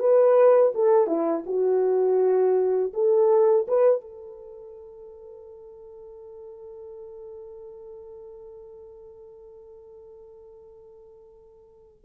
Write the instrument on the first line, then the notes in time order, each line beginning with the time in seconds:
horn
0.00 B4
0.75 A4
1.07 E4
1.47 F#4
2.94 A4
3.68 B4
4.01 A4